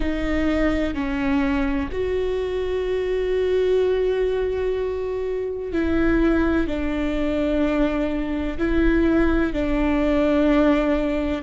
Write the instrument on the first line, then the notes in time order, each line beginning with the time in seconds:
viola
0.00 D#4
0.94 C#4
1.91 F#4
5.72 E4
6.67 D4
8.58 E4
9.53 D4